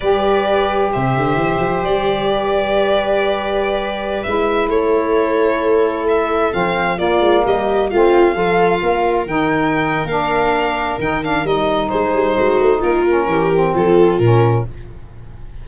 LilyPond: <<
  \new Staff \with { instrumentName = "violin" } { \time 4/4 \tempo 4 = 131 d''2 e''2 | d''1~ | d''4~ d''16 e''4 cis''4.~ cis''16~ | cis''4~ cis''16 e''4 f''4 d''8.~ |
d''16 dis''4 f''2~ f''8.~ | f''16 g''4.~ g''16 f''2 | g''8 f''8 dis''4 c''2 | ais'2 a'4 ais'4 | }
  \new Staff \with { instrumentName = "viola" } { \time 4/4 b'2 c''2~ | c''4 b'2.~ | b'2~ b'16 a'4.~ a'16~ | a'2.~ a'16 f'8.~ |
f'16 g'4 f'4 a'4 ais'8.~ | ais'1~ | ais'2 gis'4 fis'4 | f'4 g'4 f'2 | }
  \new Staff \with { instrumentName = "saxophone" } { \time 4/4 g'1~ | g'1~ | g'4~ g'16 e'2~ e'8.~ | e'2~ e'16 c'4 ais8.~ |
ais4~ ais16 c'4 f'4.~ f'16~ | f'16 dis'4.~ dis'16 d'2 | dis'8 d'8 dis'2.~ | dis'8 cis'4 c'4. cis'4 | }
  \new Staff \with { instrumentName = "tuba" } { \time 4/4 g2 c8 d8 e8 f8 | g1~ | g4~ g16 gis4 a4.~ a16~ | a2~ a16 f4 ais8 gis16~ |
gis16 g4 a4 f4 ais8.~ | ais16 dis4.~ dis16 ais2 | dis4 g4 gis8 g8 gis8 a8 | ais4 e4 f4 ais,4 | }
>>